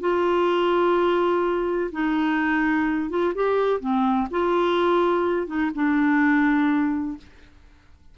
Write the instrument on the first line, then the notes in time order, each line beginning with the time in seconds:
clarinet
0.00 F4
1.92 D#4
3.10 F4
3.34 G4
3.80 C4
4.31 F4
5.47 D#4
5.75 D4